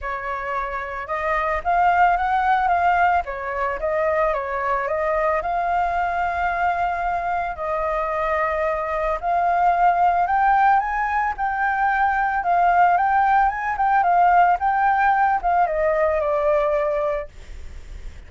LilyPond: \new Staff \with { instrumentName = "flute" } { \time 4/4 \tempo 4 = 111 cis''2 dis''4 f''4 | fis''4 f''4 cis''4 dis''4 | cis''4 dis''4 f''2~ | f''2 dis''2~ |
dis''4 f''2 g''4 | gis''4 g''2 f''4 | g''4 gis''8 g''8 f''4 g''4~ | g''8 f''8 dis''4 d''2 | }